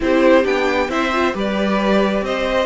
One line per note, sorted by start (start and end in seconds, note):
0.00 0.44 C4
0.00 0.43 E4
0.00 0.90 G4
0.00 0.46 C5
0.43 0.89 B3
0.43 0.88 D4
0.43 0.90 G5
0.89 1.33 C4
0.89 1.11 E4
0.89 1.34 C5
0.89 1.35 E5
1.13 1.33 F4
1.33 2.21 G3
1.33 2.66 G4
1.33 2.24 B4
1.33 2.25 D5
2.21 2.66 C4
2.21 2.66 C5
2.21 2.66 D#5